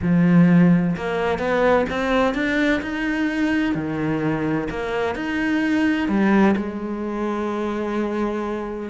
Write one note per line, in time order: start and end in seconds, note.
0.02 0.95 F3
0.96 1.38 A#3
1.38 1.85 B3
1.89 2.34 C4
2.34 2.81 D4
2.81 3.74 D#4
3.74 4.68 D#3
4.70 5.15 A#3
5.15 6.08 D#4
6.08 6.55 G3
6.56 8.89 G#3